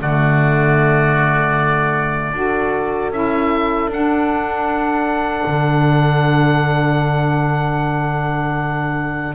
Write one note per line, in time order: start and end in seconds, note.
0.00 2.32 D3
0.00 2.34 A3
0.00 2.35 F#4
0.00 3.12 D5
2.32 3.09 D4
2.32 3.12 F#4
2.32 9.35 A4
3.09 3.87 C#4
3.09 3.89 E4
3.09 3.90 E5
3.87 5.42 D4
3.87 9.35 D4
3.87 9.35 F#5
5.46 9.35 D3